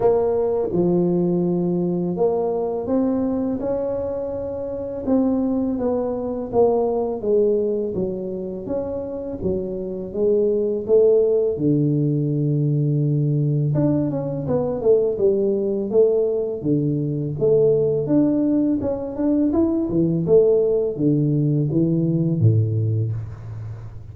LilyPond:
\new Staff \with { instrumentName = "tuba" } { \time 4/4 \tempo 4 = 83 ais4 f2 ais4 | c'4 cis'2 c'4 | b4 ais4 gis4 fis4 | cis'4 fis4 gis4 a4 |
d2. d'8 cis'8 | b8 a8 g4 a4 d4 | a4 d'4 cis'8 d'8 e'8 e8 | a4 d4 e4 a,4 | }